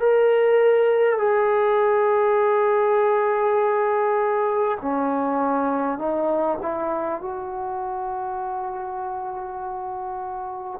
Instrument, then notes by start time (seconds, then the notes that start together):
trombone
0.00 A#4
1.18 G#4
4.82 C#4
5.98 D#4
6.62 E4
7.22 F#4